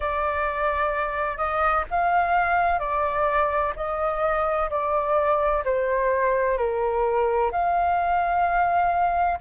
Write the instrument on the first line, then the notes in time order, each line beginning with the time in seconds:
flute
0.00 D5
1.37 D#5
1.90 F5
2.79 D5
3.75 D#5
4.70 D5
5.64 C5
6.57 A#4
7.51 F5